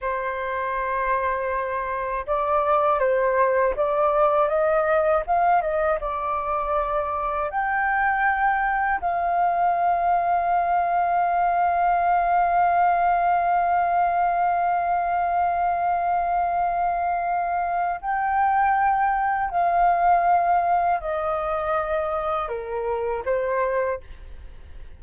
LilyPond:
\new Staff \with { instrumentName = "flute" } { \time 4/4 \tempo 4 = 80 c''2. d''4 | c''4 d''4 dis''4 f''8 dis''8 | d''2 g''2 | f''1~ |
f''1~ | f''1 | g''2 f''2 | dis''2 ais'4 c''4 | }